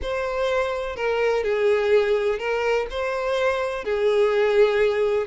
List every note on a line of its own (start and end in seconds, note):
0.02 0.95 C5
0.95 1.43 A#4
1.43 2.38 G#4
2.38 2.86 A#4
2.90 3.84 C5
3.84 5.27 G#4